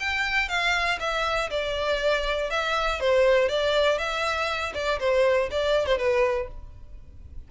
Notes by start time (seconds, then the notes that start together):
0.00 G5
0.49 F5
1.00 E5
1.50 D5
2.50 E5
3.00 C5
3.49 D5
3.98 E5
4.74 D5
5.00 C5
5.51 D5
5.87 C5
5.98 B4